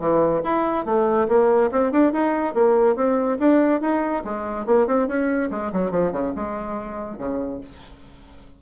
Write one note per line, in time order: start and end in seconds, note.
0.00 0.42 E3
0.44 0.86 E4
0.86 1.28 A3
1.28 1.71 A#3
1.72 1.92 C4
1.92 2.13 D4
2.13 2.54 D#4
2.54 2.96 A#3
2.96 3.38 C4
3.40 3.81 D4
3.81 4.24 D#4
4.25 4.66 G#3
4.66 4.87 A#3
4.87 5.08 C4
5.08 5.51 C#4
5.51 5.72 G#3
5.73 5.92 F#3
5.92 6.13 F3
6.13 6.34 C#3
6.36 7.19 G#3
7.19 7.61 C#3